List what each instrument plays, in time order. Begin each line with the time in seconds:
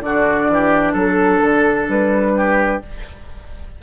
0.00 bassoon D3, clarinet D4, oboe F#4, flute D5
0.48 bassoon E3, oboe G4
0.93 bassoon F#3, oboe A4, flute A4
1.42 bassoon D3
1.88 bassoon G3, flute B4
2.36 oboe G4